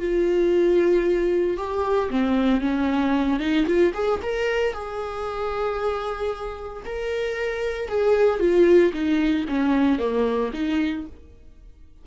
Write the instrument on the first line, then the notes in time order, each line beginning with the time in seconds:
viola
0.00 F4
1.57 G4
2.11 C4
2.61 C#4
3.40 D#4
3.67 F4
3.94 G#4
4.23 A#4
4.73 G#4
6.86 A#4
7.89 G#4
8.40 F4
8.94 D#4
9.49 C#4
9.99 A#3
10.54 D#4